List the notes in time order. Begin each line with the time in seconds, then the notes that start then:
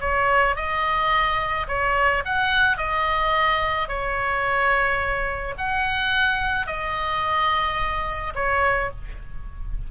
0.00 C#5
0.56 D#5
1.67 C#5
2.24 F#5
2.77 D#5
3.88 C#5
5.58 F#5
6.66 D#5
8.35 C#5